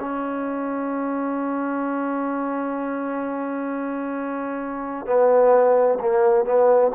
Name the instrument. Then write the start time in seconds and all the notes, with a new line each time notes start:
trombone
0.00 C#4
5.06 B3
6.00 A#3
6.45 B3